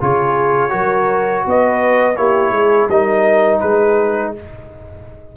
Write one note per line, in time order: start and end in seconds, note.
0.00 0.73 C#3
0.00 0.69 F4
0.00 0.71 G#4
0.00 1.47 C#5
0.69 1.45 F#3
0.69 2.14 F#4
0.69 1.44 A#4
1.46 2.17 B3
1.46 2.18 B4
1.46 2.17 D#5
2.17 2.51 A#3
2.17 2.90 E4
2.17 2.53 G4
2.17 2.89 C#5
2.51 2.87 G#3
2.51 2.88 G#4
2.88 3.61 G3
2.88 4.36 D#4
2.88 3.61 A#4
2.88 3.60 D#5
3.60 4.35 G#3
3.60 4.34 G#4
3.60 4.32 B4